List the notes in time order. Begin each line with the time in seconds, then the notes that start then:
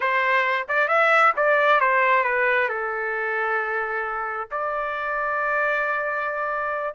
0.00 C5
0.68 D5
0.88 E5
1.36 D5
1.80 C5
2.24 B4
2.68 A4
4.51 D5